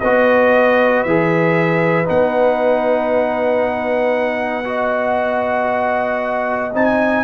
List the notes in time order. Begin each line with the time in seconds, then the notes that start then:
0.00 B3 F#4 B4 D#5
1.03 E3 G#4 E5
2.05 B3 D#4 F#5
4.64 F#4 D#5
6.74 C4 D#4 G#5